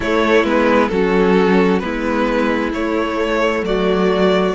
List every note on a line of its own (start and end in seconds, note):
0.00 0.44 A3
0.00 0.45 A3
0.00 0.90 E4
0.00 0.45 C#5
0.44 0.89 G#3
0.44 0.90 B3
0.44 0.88 B4
0.88 1.81 F#3
0.88 1.81 C#4
0.88 1.83 F#4
0.88 1.79 A4
1.79 2.72 G#3
1.79 2.72 B3
1.79 3.65 E4
1.79 2.70 B4
2.72 3.62 A3
2.72 4.54 A3
2.72 3.64 C#5
3.62 4.52 F#3
3.62 4.54 F#4
3.62 4.54 D5